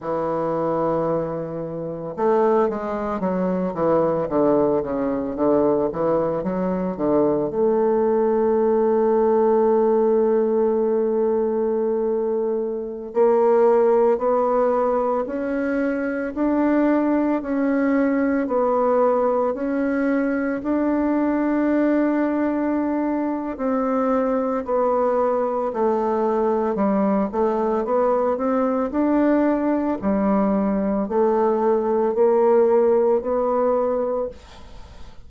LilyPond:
\new Staff \with { instrumentName = "bassoon" } { \time 4/4 \tempo 4 = 56 e2 a8 gis8 fis8 e8 | d8 cis8 d8 e8 fis8 d8 a4~ | a1~ | a16 ais4 b4 cis'4 d'8.~ |
d'16 cis'4 b4 cis'4 d'8.~ | d'2 c'4 b4 | a4 g8 a8 b8 c'8 d'4 | g4 a4 ais4 b4 | }